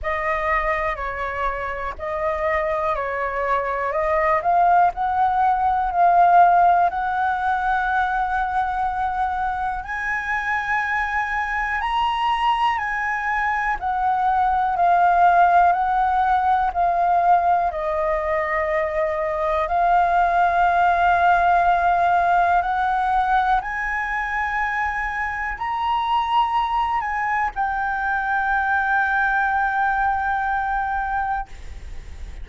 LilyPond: \new Staff \with { instrumentName = "flute" } { \time 4/4 \tempo 4 = 61 dis''4 cis''4 dis''4 cis''4 | dis''8 f''8 fis''4 f''4 fis''4~ | fis''2 gis''2 | ais''4 gis''4 fis''4 f''4 |
fis''4 f''4 dis''2 | f''2. fis''4 | gis''2 ais''4. gis''8 | g''1 | }